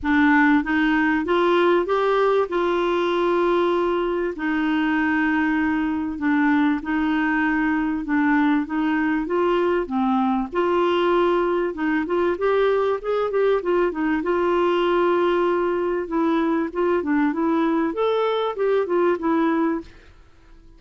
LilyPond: \new Staff \with { instrumentName = "clarinet" } { \time 4/4 \tempo 4 = 97 d'4 dis'4 f'4 g'4 | f'2. dis'4~ | dis'2 d'4 dis'4~ | dis'4 d'4 dis'4 f'4 |
c'4 f'2 dis'8 f'8 | g'4 gis'8 g'8 f'8 dis'8 f'4~ | f'2 e'4 f'8 d'8 | e'4 a'4 g'8 f'8 e'4 | }